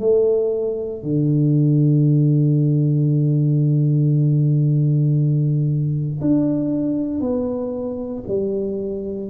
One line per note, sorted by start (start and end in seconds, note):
0.00 1.03 A3
1.03 6.20 D3
6.21 7.21 D4
7.21 8.24 B3
8.28 9.31 G3